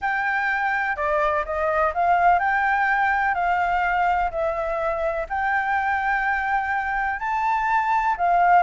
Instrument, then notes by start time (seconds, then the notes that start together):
flute
0.01 G5
0.96 D5
1.45 D#5
1.94 F5
2.39 G5
3.34 F5
4.30 E5
5.29 G5
7.19 A5
8.17 F5